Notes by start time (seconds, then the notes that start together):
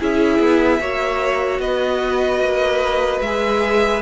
0.00 C#4 E4 G#4 E5
0.39 B3
0.80 A#3 F#4 C#5
1.59 B3 B4 D#5
2.40 A#3
3.21 G#3 G#4 E5